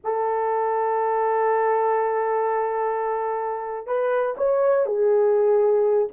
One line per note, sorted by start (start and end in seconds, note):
0.04 3.86 A4
3.86 4.35 B4
4.37 4.86 C#5
4.86 6.08 G#4